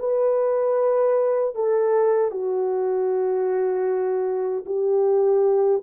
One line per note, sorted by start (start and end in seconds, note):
0.00 1.55 B4
1.55 2.31 A4
2.31 4.65 F#4
4.66 5.83 G4